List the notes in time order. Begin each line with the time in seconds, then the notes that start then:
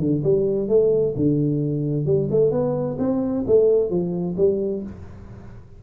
0.00 D3
0.24 G3
0.69 A3
1.17 D3
2.06 G3
2.31 A3
2.51 B3
2.99 C4
3.47 A3
3.90 F3
4.37 G3